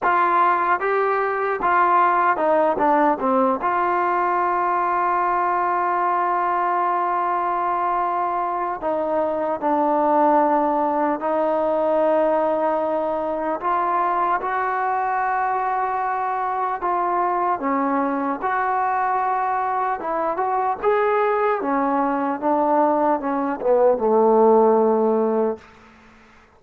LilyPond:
\new Staff \with { instrumentName = "trombone" } { \time 4/4 \tempo 4 = 75 f'4 g'4 f'4 dis'8 d'8 | c'8 f'2.~ f'8~ | f'2. dis'4 | d'2 dis'2~ |
dis'4 f'4 fis'2~ | fis'4 f'4 cis'4 fis'4~ | fis'4 e'8 fis'8 gis'4 cis'4 | d'4 cis'8 b8 a2 | }